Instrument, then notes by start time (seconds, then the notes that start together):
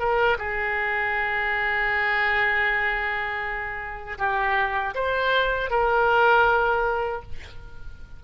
oboe
0.00 A#4
0.39 G#4
4.18 G4
4.95 C5
5.71 A#4